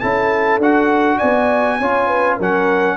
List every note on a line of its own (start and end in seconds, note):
0.00 0.58 C#4
0.00 0.61 E4
0.00 1.18 A4
0.00 0.59 A5
0.58 1.18 D4
0.58 1.81 F#4
0.58 1.19 F#5
1.18 1.81 B3
1.18 1.78 D5
1.18 2.37 G#5
1.80 2.40 C#4
1.80 2.40 F4
1.80 2.07 C#5
2.07 2.37 B4
2.37 2.97 F#3
2.37 2.97 C#4
2.37 2.96 A#4
2.37 2.97 F#5